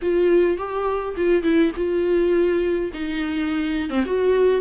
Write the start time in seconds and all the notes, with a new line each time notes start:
0.02 F4
0.57 G4
1.16 F4
1.43 E4
1.76 F4
2.93 D#4
3.89 C4
4.05 F#4